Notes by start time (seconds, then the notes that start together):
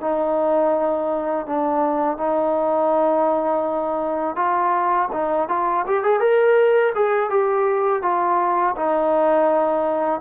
0.00 D#4
1.46 D4
2.17 D#4
4.35 F4
5.12 D#4
5.48 F4
5.86 G4
6.03 G#4
6.19 A#4
6.94 G#4
7.29 G4
8.02 F4
8.76 D#4